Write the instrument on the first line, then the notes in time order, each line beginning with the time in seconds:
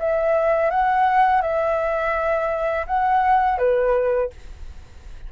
flute
0.00 E5
0.71 F#5
1.42 E5
2.87 F#5
3.58 B4